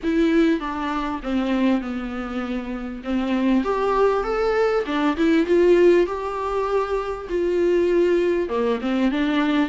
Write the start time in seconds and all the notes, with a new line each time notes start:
0.03 E4
0.60 D4
1.23 C4
1.81 B3
3.03 C4
3.64 G4
4.23 A4
4.86 D4
5.17 E4
5.46 F4
6.06 G4
7.29 F4
8.48 A#3
8.81 C4
9.11 D4